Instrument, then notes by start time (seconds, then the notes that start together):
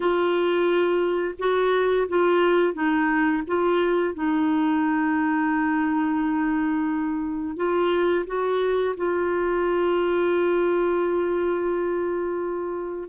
clarinet
0.00 F4
1.38 F#4
2.08 F4
2.73 D#4
3.47 F4
4.14 D#4
7.56 F4
8.26 F#4
8.96 F4